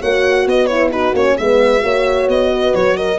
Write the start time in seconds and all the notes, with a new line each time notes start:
0.00 A#3 F#4 C#5 F#5
0.46 B3 B4 D#5
0.66 E4 C#5
0.91 D#4 F#4 B4
1.13 A#3 C#4 C#5
1.37 G#3 B3 B4 E5
1.80 A#3 F#4 C#5
2.28 B3 D#5
2.53 B4
2.75 F#3 C#5
2.97 A#4 D#5